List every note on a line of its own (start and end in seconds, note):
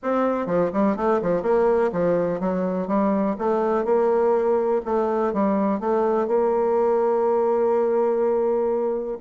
0.02 0.46 C4
0.46 0.70 F3
0.73 0.96 G3
0.96 1.20 A3
1.22 1.42 F3
1.42 1.90 A#3
1.92 2.40 F3
2.40 2.87 F#3
2.87 3.36 G3
3.38 3.84 A3
3.84 4.81 A#3
4.85 5.33 A3
5.33 5.80 G3
5.80 6.27 A3
6.27 9.18 A#3